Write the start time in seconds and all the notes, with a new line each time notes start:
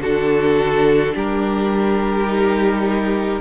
0.00 D3 D4 F#4 A4
1.14 G3 G4 A#4
2.26 D#4